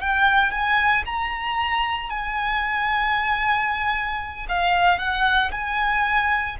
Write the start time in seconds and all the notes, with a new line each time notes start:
0.00 G5
0.51 G#5
1.05 A#5
2.10 G#5
4.48 F5
4.98 F#5
5.51 G#5